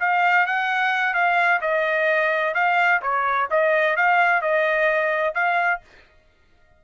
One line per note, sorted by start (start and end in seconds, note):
0.00 0.47 F5
0.47 1.14 F#5
1.14 1.61 F5
1.62 2.55 D#5
2.55 3.01 F5
3.02 3.49 C#5
3.51 3.97 D#5
3.97 4.42 F5
4.42 5.34 D#5
5.34 5.81 F5